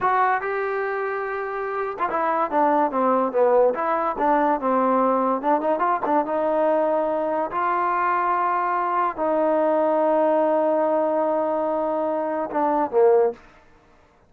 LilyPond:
\new Staff \with { instrumentName = "trombone" } { \time 4/4 \tempo 4 = 144 fis'4 g'2.~ | g'8. f'16 e'4 d'4 c'4 | b4 e'4 d'4 c'4~ | c'4 d'8 dis'8 f'8 d'8 dis'4~ |
dis'2 f'2~ | f'2 dis'2~ | dis'1~ | dis'2 d'4 ais4 | }